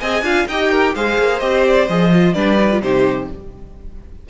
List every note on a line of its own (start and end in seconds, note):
0.00 0.22 C4
0.00 0.24 G#4
0.00 0.24 D#5
0.00 0.47 G#5
0.22 0.45 D4
0.22 0.48 F4
0.22 0.48 F5
0.48 0.95 D#4
0.48 0.96 G4
0.48 0.71 D#5
0.48 0.95 G5
0.71 0.95 A#4
0.95 1.19 G#3
0.95 1.41 G#4
0.95 2.35 C5
0.95 1.39 F5
1.19 1.42 A#3
1.39 1.88 C4
1.39 1.88 G4
1.39 1.63 D#5
1.67 1.88 D5
1.88 2.35 F3
1.88 2.11 G#4
1.88 2.34 D#5
2.11 2.35 F4
2.34 2.81 G3
2.34 2.58 D4
2.34 2.82 B4
2.34 2.81 D5
2.59 2.71 D#4
2.71 2.83 F4
2.81 3.28 C3
2.81 3.30 D#4
2.81 3.29 G4
2.81 3.29 C5